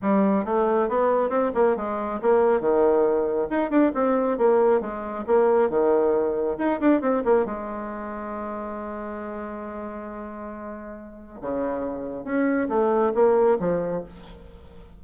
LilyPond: \new Staff \with { instrumentName = "bassoon" } { \time 4/4 \tempo 4 = 137 g4 a4 b4 c'8 ais8 | gis4 ais4 dis2 | dis'8 d'8 c'4 ais4 gis4 | ais4 dis2 dis'8 d'8 |
c'8 ais8 gis2.~ | gis1~ | gis2 cis2 | cis'4 a4 ais4 f4 | }